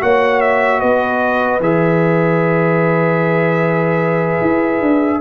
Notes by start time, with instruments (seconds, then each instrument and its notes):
0.00 tuba A#3, trombone F#4, horn C#5, trumpet F#5
0.41 trumpet E5
0.80 tuba B3, horn B4, trumpet D#5
1.60 tuba E3, trombone G#4, trumpet E5
4.41 tuba E4
4.81 tuba D4